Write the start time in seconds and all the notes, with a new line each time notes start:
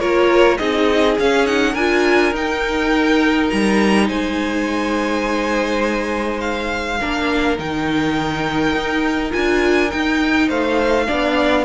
0.00 A#3 F4 A#4 C#5
0.58 C4 D#4 G#4 D#5
1.19 C#4 F5
1.46 D#4 F#5
1.73 D4 F4 A#4 G#5
2.33 D#4 G5
3.50 G3 A#5
4.08 G#3 C5 G#5
6.41 F5
7.00 A#3 D4 A#4
7.58 D#3 D#4 G5
8.75 D#4
9.31 D4 F4 G#5
9.91 D#4 G5
10.49 A3 C5 F5
11.08 B3 D4 D5